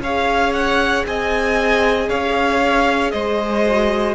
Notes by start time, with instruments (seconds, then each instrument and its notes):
0.00 cello C#4, viola G#4, violin C#5 F5
0.53 violin F#5
1.06 cello C4, violin D#5 G#5
2.09 cello C#4, violin C#5 F5
3.11 cello G#3, violin C5 D#5
3.66 viola F#4